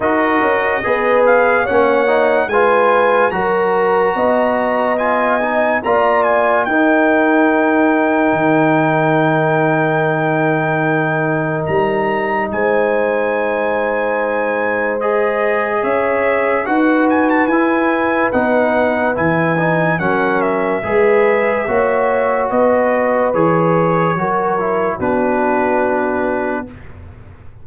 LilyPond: <<
  \new Staff \with { instrumentName = "trumpet" } { \time 4/4 \tempo 4 = 72 dis''4. f''8 fis''4 gis''4 | ais''2 gis''4 ais''8 gis''8 | g''1~ | g''2 ais''4 gis''4~ |
gis''2 dis''4 e''4 | fis''8 gis''16 a''16 gis''4 fis''4 gis''4 | fis''8 e''2~ e''8 dis''4 | cis''2 b'2 | }
  \new Staff \with { instrumentName = "horn" } { \time 4/4 ais'4 b'4 cis''4 b'4 | ais'4 dis''2 d''4 | ais'1~ | ais'2. c''4~ |
c''2. cis''4 | b'1 | ais'4 b'4 cis''4 b'4~ | b'4 ais'4 fis'2 | }
  \new Staff \with { instrumentName = "trombone" } { \time 4/4 fis'4 gis'4 cis'8 dis'8 f'4 | fis'2 f'8 dis'8 f'4 | dis'1~ | dis'1~ |
dis'2 gis'2 | fis'4 e'4 dis'4 e'8 dis'8 | cis'4 gis'4 fis'2 | gis'4 fis'8 e'8 d'2 | }
  \new Staff \with { instrumentName = "tuba" } { \time 4/4 dis'8 cis'8 b4 ais4 gis4 | fis4 b2 ais4 | dis'2 dis2~ | dis2 g4 gis4~ |
gis2. cis'4 | dis'4 e'4 b4 e4 | fis4 gis4 ais4 b4 | e4 fis4 b2 | }
>>